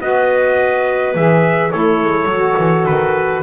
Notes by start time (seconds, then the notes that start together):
0.00 B3 F#4 B4 D#5
1.14 E3 G#4 E5
1.70 A3 E4 A4 C#5
2.02 G#3
2.25 F#3
2.32 F#4
2.58 E3
2.86 D#3 B4